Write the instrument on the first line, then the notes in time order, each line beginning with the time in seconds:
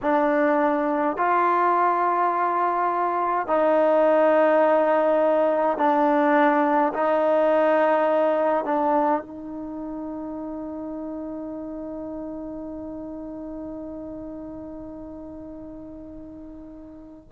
trombone
0.02 D4
1.17 F4
3.47 D#4
5.77 D4
6.93 D#4
8.64 D4
9.21 D#4